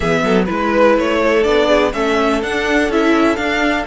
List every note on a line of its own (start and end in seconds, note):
0.00 0.23 E3
0.00 0.47 B3
0.00 0.21 G#4
0.00 0.45 E5
0.23 0.47 F#3
0.23 0.45 A4
0.45 0.97 G#3
0.45 1.43 E4
0.45 1.17 B4
0.45 0.98 B4
0.97 1.45 A3
0.97 1.43 C#5
1.22 1.68 A4
1.43 1.93 B3
1.43 1.91 D4
1.43 1.91 D5
1.68 1.92 G#4
1.93 2.42 A3
1.93 2.41 C#4
1.93 3.87 A4
1.93 2.41 E5
2.42 2.88 D4
2.42 2.91 D4
2.42 2.91 F#5
2.88 3.37 C#4
2.88 3.36 E4
2.88 3.36 E5
3.36 3.84 D4
3.36 3.85 D4
3.36 3.84 F5